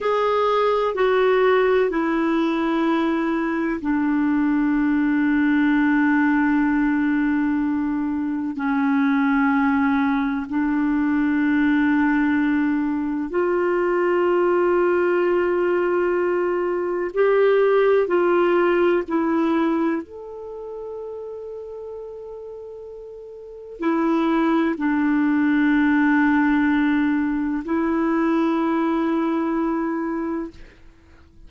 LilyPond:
\new Staff \with { instrumentName = "clarinet" } { \time 4/4 \tempo 4 = 63 gis'4 fis'4 e'2 | d'1~ | d'4 cis'2 d'4~ | d'2 f'2~ |
f'2 g'4 f'4 | e'4 a'2.~ | a'4 e'4 d'2~ | d'4 e'2. | }